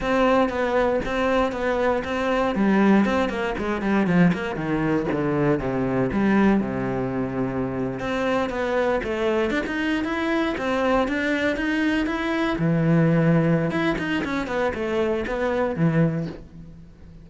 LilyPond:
\new Staff \with { instrumentName = "cello" } { \time 4/4 \tempo 4 = 118 c'4 b4 c'4 b4 | c'4 g4 c'8 ais8 gis8 g8 | f8 ais8 dis4 d4 c4 | g4 c2~ c8. c'16~ |
c'8. b4 a4 d'16 dis'8. e'16~ | e'8. c'4 d'4 dis'4 e'16~ | e'8. e2~ e16 e'8 dis'8 | cis'8 b8 a4 b4 e4 | }